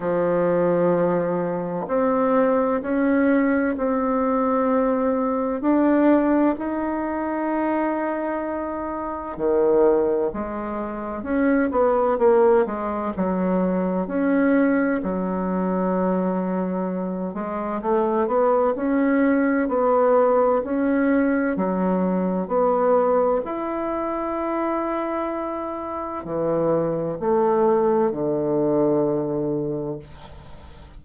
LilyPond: \new Staff \with { instrumentName = "bassoon" } { \time 4/4 \tempo 4 = 64 f2 c'4 cis'4 | c'2 d'4 dis'4~ | dis'2 dis4 gis4 | cis'8 b8 ais8 gis8 fis4 cis'4 |
fis2~ fis8 gis8 a8 b8 | cis'4 b4 cis'4 fis4 | b4 e'2. | e4 a4 d2 | }